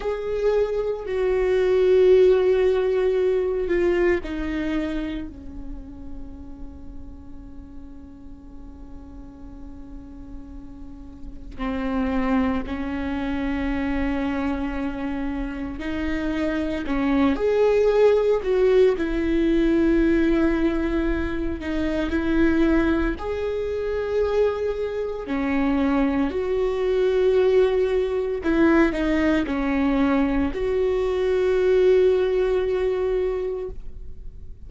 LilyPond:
\new Staff \with { instrumentName = "viola" } { \time 4/4 \tempo 4 = 57 gis'4 fis'2~ fis'8 f'8 | dis'4 cis'2.~ | cis'2. c'4 | cis'2. dis'4 |
cis'8 gis'4 fis'8 e'2~ | e'8 dis'8 e'4 gis'2 | cis'4 fis'2 e'8 dis'8 | cis'4 fis'2. | }